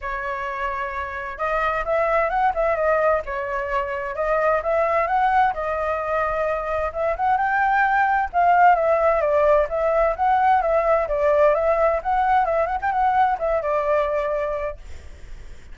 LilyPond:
\new Staff \with { instrumentName = "flute" } { \time 4/4 \tempo 4 = 130 cis''2. dis''4 | e''4 fis''8 e''8 dis''4 cis''4~ | cis''4 dis''4 e''4 fis''4 | dis''2. e''8 fis''8 |
g''2 f''4 e''4 | d''4 e''4 fis''4 e''4 | d''4 e''4 fis''4 e''8 fis''16 g''16 | fis''4 e''8 d''2~ d''8 | }